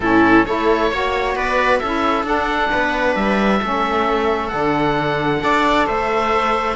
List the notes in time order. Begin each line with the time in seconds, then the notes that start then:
0.00 A2 C#4 E4 A4
0.45 A3 E4 A4 C#5
0.91 A#3 F#4 C#5
1.35 B3 B4 D5
1.79 C#4 E4 A4 E5
2.23 D4 F#5
2.71 B3 B4
3.15 G3 E5
3.60 A3 C#4 A4
4.48 D3 D4 F#5
5.39 D4 A4 D5
5.86 A3 C5 E5